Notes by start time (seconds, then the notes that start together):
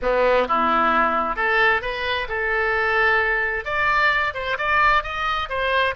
0.02 B3
0.47 E4
1.35 A4
1.81 B4
2.28 A4
3.64 D5
4.34 C5
4.57 D5
5.03 D#5
5.49 C5